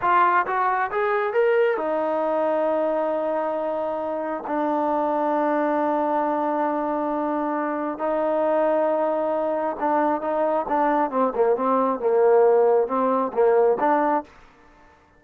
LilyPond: \new Staff \with { instrumentName = "trombone" } { \time 4/4 \tempo 4 = 135 f'4 fis'4 gis'4 ais'4 | dis'1~ | dis'2 d'2~ | d'1~ |
d'2 dis'2~ | dis'2 d'4 dis'4 | d'4 c'8 ais8 c'4 ais4~ | ais4 c'4 ais4 d'4 | }